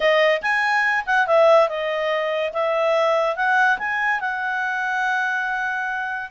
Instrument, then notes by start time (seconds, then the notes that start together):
clarinet
0.00 D#5
0.42 G#5
1.06 F#5
1.26 E5
1.68 D#5
2.53 E5
3.35 F#5
3.78 G#5
4.20 F#5